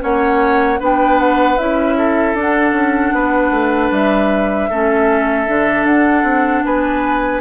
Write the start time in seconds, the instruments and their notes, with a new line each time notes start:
0.00 bassoon A#3, clarinet C#4, oboe C#5, flute F#5
0.80 bassoon B3, clarinet D4, oboe B4, flute G5
1.19 flute F#5
1.58 bassoon C#4, clarinet E4, flute E5
1.98 oboe A4
2.34 bassoon D4, clarinet D4
2.41 flute F#5
2.72 bassoon C#4
3.13 bassoon B3, oboe B4
3.51 bassoon A3
3.91 bassoon G3, flute E5
4.69 bassoon A3, clarinet C#4, oboe A4
5.48 bassoon D3, clarinet D4
5.85 bassoon D4, flute F#5
6.23 bassoon C4
6.64 bassoon B3, oboe B4, flute G#5